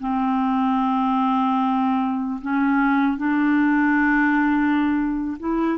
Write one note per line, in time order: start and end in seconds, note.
0.00 2.40 C4
2.41 3.17 C#4
3.17 5.37 D4
5.39 5.78 E4